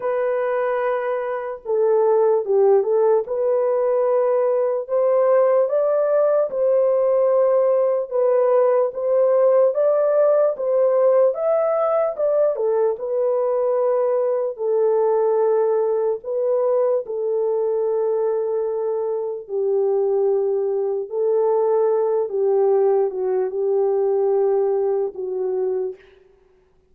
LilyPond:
\new Staff \with { instrumentName = "horn" } { \time 4/4 \tempo 4 = 74 b'2 a'4 g'8 a'8 | b'2 c''4 d''4 | c''2 b'4 c''4 | d''4 c''4 e''4 d''8 a'8 |
b'2 a'2 | b'4 a'2. | g'2 a'4. g'8~ | g'8 fis'8 g'2 fis'4 | }